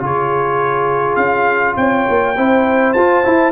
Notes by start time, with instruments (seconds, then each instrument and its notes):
0.00 tuba C#3, trombone F4, horn G#4, trumpet C#5
1.16 tuba C#4, trumpet F5
1.77 tuba C4, horn C#5, trumpet G5
2.09 tuba A#3
2.36 tuba C4, trombone E4, horn C5
2.93 tuba F4, trombone F4, trumpet A5
3.24 trombone E4, tuba E4